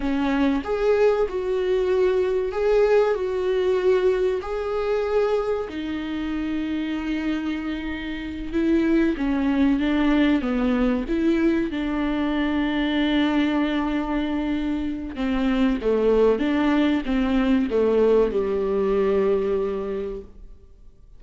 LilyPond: \new Staff \with { instrumentName = "viola" } { \time 4/4 \tempo 4 = 95 cis'4 gis'4 fis'2 | gis'4 fis'2 gis'4~ | gis'4 dis'2.~ | dis'4. e'4 cis'4 d'8~ |
d'8 b4 e'4 d'4.~ | d'1 | c'4 a4 d'4 c'4 | a4 g2. | }